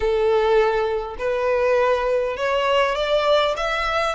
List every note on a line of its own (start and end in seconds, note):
0.00 1.16 A4
1.18 2.36 B4
2.36 2.95 C#5
2.95 3.54 D5
3.56 4.14 E5